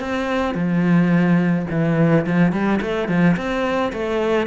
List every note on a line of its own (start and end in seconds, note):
0.00 0.55 C4
0.55 1.66 F3
1.70 2.26 E3
2.27 2.52 F3
2.52 2.80 G3
2.82 3.09 A3
3.09 3.36 F3
3.37 3.92 C4
3.93 4.47 A3